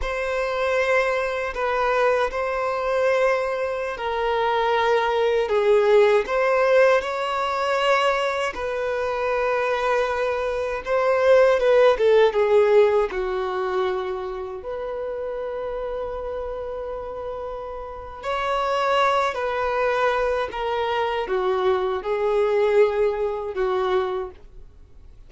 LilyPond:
\new Staff \with { instrumentName = "violin" } { \time 4/4 \tempo 4 = 79 c''2 b'4 c''4~ | c''4~ c''16 ais'2 gis'8.~ | gis'16 c''4 cis''2 b'8.~ | b'2~ b'16 c''4 b'8 a'16~ |
a'16 gis'4 fis'2 b'8.~ | b'1 | cis''4. b'4. ais'4 | fis'4 gis'2 fis'4 | }